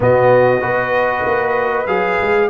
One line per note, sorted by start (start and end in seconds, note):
0.00 0.61 B2
0.00 0.60 B3
0.00 0.61 F#4
0.00 1.86 D#5
0.60 1.24 B3
0.60 1.85 F#4
0.60 2.49 B4
1.25 1.87 A#3
1.86 2.18 F#3
1.86 2.50 G#4
1.86 2.49 F5
2.21 2.50 G#3